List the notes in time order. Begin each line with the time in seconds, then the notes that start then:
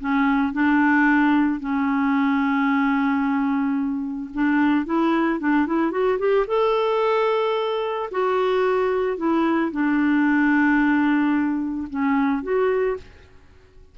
0.00 C#4
0.53 D4
1.60 C#4
4.34 D4
4.85 E4
5.40 D4
5.66 E4
5.91 F#4
6.19 G4
6.47 A4
8.11 F#4
9.17 E4
9.71 D4
11.90 C#4
12.43 F#4